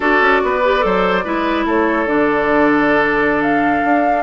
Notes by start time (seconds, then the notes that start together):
0.00 D4 F#4 A4 D5
0.20 C#4
0.43 B3 B4
0.64 G4
0.79 F#3 A4
0.85 C5
1.24 G#3 E4 B4
1.65 A3 A4 C#5
2.05 D3 D4 D5
3.42 F5
3.84 D4